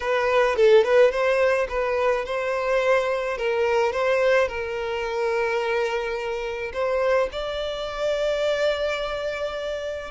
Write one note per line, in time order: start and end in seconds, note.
0.00 0.56 B4
0.56 0.84 A4
0.84 1.11 B4
1.11 1.67 C5
1.68 2.25 B4
2.25 3.37 C5
3.37 3.92 A#4
3.92 4.47 C5
4.47 6.72 A#4
6.73 7.29 C5
7.32 10.11 D5